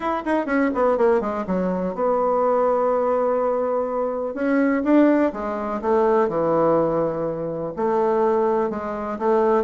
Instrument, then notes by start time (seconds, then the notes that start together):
bassoon
0.00 E4
0.25 D#4
0.46 C#4
0.74 B3
0.97 A#3
1.20 G#3
1.46 F#3
1.94 B3
4.34 C#4
4.83 D4
5.32 G#3
5.81 A3
6.28 E3
7.76 A3
8.70 G#3
9.18 A3